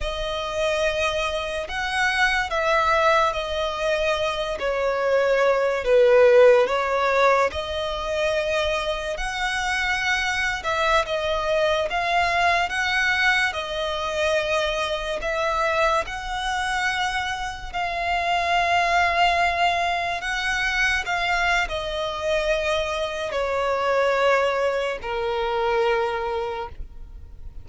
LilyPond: \new Staff \with { instrumentName = "violin" } { \time 4/4 \tempo 4 = 72 dis''2 fis''4 e''4 | dis''4. cis''4. b'4 | cis''4 dis''2 fis''4~ | fis''8. e''8 dis''4 f''4 fis''8.~ |
fis''16 dis''2 e''4 fis''8.~ | fis''4~ fis''16 f''2~ f''8.~ | f''16 fis''4 f''8. dis''2 | cis''2 ais'2 | }